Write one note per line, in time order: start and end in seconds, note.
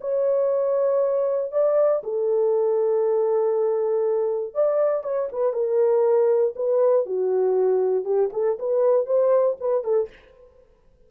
0.00 1.51 C#5
1.51 2.02 D5
2.03 4.54 A4
4.54 5.03 D5
5.03 5.28 C#5
5.32 5.53 B4
5.53 6.54 A#4
6.55 7.05 B4
7.05 8.04 F#4
8.04 8.29 G4
8.32 8.58 A4
8.59 9.06 B4
9.06 9.56 C5
9.60 9.83 B4
9.83 10.08 A4